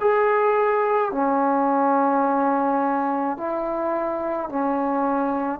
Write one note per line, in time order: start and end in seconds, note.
0.00 1.11 G#4
1.11 3.37 C#4
3.37 4.49 E4
4.49 5.59 C#4